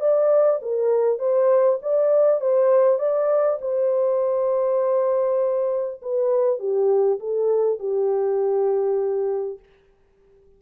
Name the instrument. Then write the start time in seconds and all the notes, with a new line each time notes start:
horn
0.00 D5
0.62 A#4
1.19 C5
1.82 D5
2.41 C5
2.99 D5
3.61 C5
6.02 B4
6.59 G4
7.19 A4
7.79 G4